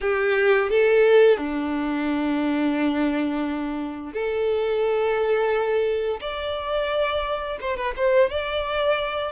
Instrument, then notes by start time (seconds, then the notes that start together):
violin
0.01 G4
0.69 A4
1.37 D4
4.13 A4
6.20 D5
7.61 C5
7.76 B4
7.96 C5
8.29 D5